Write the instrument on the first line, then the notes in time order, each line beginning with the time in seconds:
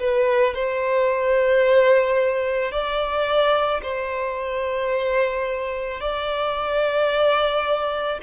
violin
0.00 B4
0.55 C5
2.72 D5
3.83 C5
6.00 D5